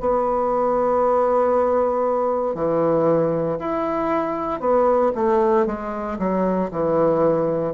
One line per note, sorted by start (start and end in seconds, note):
0.00 2.54 B3
2.54 3.58 E3
3.59 4.60 E4
4.60 5.12 B3
5.15 5.66 A3
5.66 6.18 G#3
6.18 6.70 F#3
6.71 7.74 E3